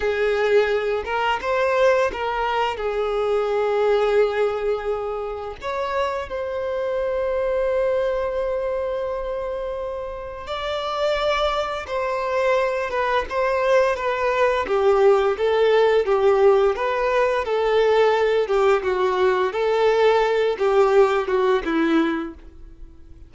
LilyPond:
\new Staff \with { instrumentName = "violin" } { \time 4/4 \tempo 4 = 86 gis'4. ais'8 c''4 ais'4 | gis'1 | cis''4 c''2.~ | c''2. d''4~ |
d''4 c''4. b'8 c''4 | b'4 g'4 a'4 g'4 | b'4 a'4. g'8 fis'4 | a'4. g'4 fis'8 e'4 | }